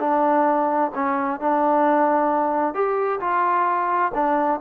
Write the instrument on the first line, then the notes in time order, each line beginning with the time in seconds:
trombone
0.00 D4
0.95 C#4
1.40 D4
2.74 G4
3.20 F4
4.14 D4